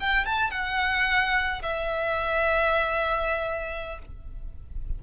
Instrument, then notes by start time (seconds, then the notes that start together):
violin
0.00 G5
0.25 A5
0.51 F#5
1.63 E5